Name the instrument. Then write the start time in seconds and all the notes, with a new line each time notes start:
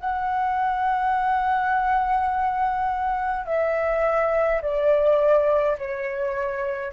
flute
0.00 F#5
3.46 E5
4.62 D5
5.78 C#5